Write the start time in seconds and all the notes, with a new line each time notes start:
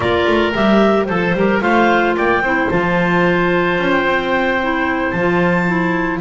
0.00 A#3 F4 A#4 D5
0.26 A3
0.53 G3 G4 E5
1.05 F3 A4 C5
1.33 G3 G4 A#4
1.61 A3 F4 C5 F5
2.16 A#3 D5 G5
2.40 C4 E4 C5
2.70 F3 F4 A5
3.78 C#4
3.91 G5
4.04 C4
4.61 E4
5.10 F3 A5
5.17 F4
5.66 E4